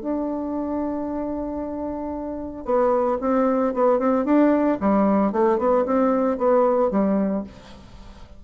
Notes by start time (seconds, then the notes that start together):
0.00 D4
2.65 B3
3.20 C4
3.73 B3
3.99 C4
4.25 D4
4.80 G3
5.32 A3
5.58 B3
5.85 C4
6.37 B3
6.90 G3